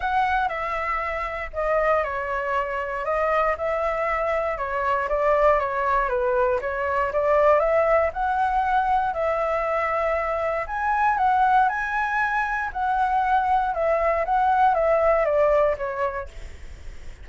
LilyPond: \new Staff \with { instrumentName = "flute" } { \time 4/4 \tempo 4 = 118 fis''4 e''2 dis''4 | cis''2 dis''4 e''4~ | e''4 cis''4 d''4 cis''4 | b'4 cis''4 d''4 e''4 |
fis''2 e''2~ | e''4 gis''4 fis''4 gis''4~ | gis''4 fis''2 e''4 | fis''4 e''4 d''4 cis''4 | }